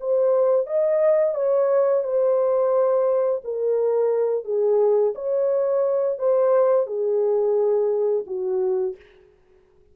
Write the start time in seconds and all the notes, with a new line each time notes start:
0.00 C5
0.66 D#5
1.34 C#5
2.04 C5
3.44 A#4
4.45 G#4
5.15 C#5
6.18 C5
6.87 G#4
8.27 F#4